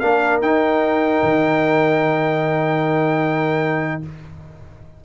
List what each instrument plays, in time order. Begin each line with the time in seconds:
0.00 tuba A#3, trombone D4, horn A#4, trumpet F5
0.42 tuba D#4, trombone D#4, trumpet G5
1.23 tuba D#3